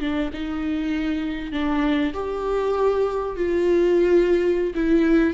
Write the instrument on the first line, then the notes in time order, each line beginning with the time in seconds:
viola
0.00 D4
0.33 D#4
1.52 D4
2.14 G4
3.36 F4
4.75 E4